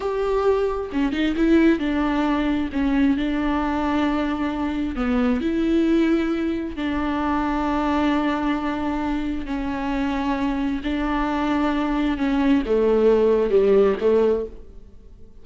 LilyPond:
\new Staff \with { instrumentName = "viola" } { \time 4/4 \tempo 4 = 133 g'2 cis'8 dis'8 e'4 | d'2 cis'4 d'4~ | d'2. b4 | e'2. d'4~ |
d'1~ | d'4 cis'2. | d'2. cis'4 | a2 g4 a4 | }